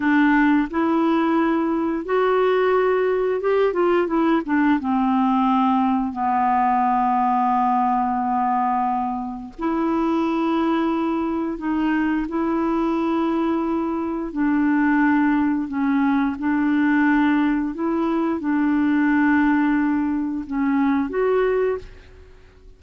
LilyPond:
\new Staff \with { instrumentName = "clarinet" } { \time 4/4 \tempo 4 = 88 d'4 e'2 fis'4~ | fis'4 g'8 f'8 e'8 d'8 c'4~ | c'4 b2.~ | b2 e'2~ |
e'4 dis'4 e'2~ | e'4 d'2 cis'4 | d'2 e'4 d'4~ | d'2 cis'4 fis'4 | }